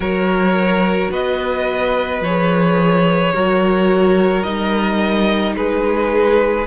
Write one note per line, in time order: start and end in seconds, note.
0.00 1.08 F#3
0.00 2.21 F#4
0.00 1.10 A#4
0.00 1.11 C#5
1.10 2.20 B3
1.10 3.33 B4
1.10 2.23 D#5
2.20 3.31 F3
2.20 3.33 G#4
2.20 4.43 C#5
3.33 4.44 F#3
3.33 4.44 F#4
3.33 5.56 A#4
4.43 5.55 G3
4.43 6.66 D#4
4.43 5.54 D#5
5.55 6.66 G#3
5.55 6.66 G#4
5.55 6.66 B4